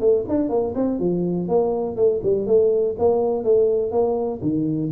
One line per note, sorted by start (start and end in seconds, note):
0.00 0.25 A3
0.29 0.49 D4
0.49 0.74 A#3
0.75 0.99 C4
0.99 1.48 F3
1.48 1.96 A#3
1.96 2.21 A3
2.23 2.47 G3
2.47 2.96 A3
2.98 3.44 A#3
3.44 3.91 A3
3.91 4.40 A#3
4.42 4.91 D#3